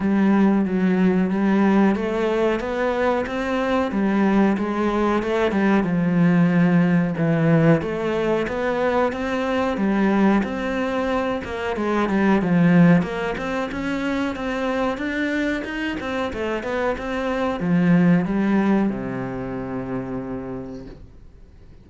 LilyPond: \new Staff \with { instrumentName = "cello" } { \time 4/4 \tempo 4 = 92 g4 fis4 g4 a4 | b4 c'4 g4 gis4 | a8 g8 f2 e4 | a4 b4 c'4 g4 |
c'4. ais8 gis8 g8 f4 | ais8 c'8 cis'4 c'4 d'4 | dis'8 c'8 a8 b8 c'4 f4 | g4 c2. | }